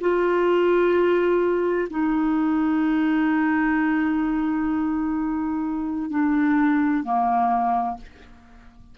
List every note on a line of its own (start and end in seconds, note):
0.00 1.87 F4
1.90 6.09 D#4
6.09 7.03 D4
7.03 7.97 A#3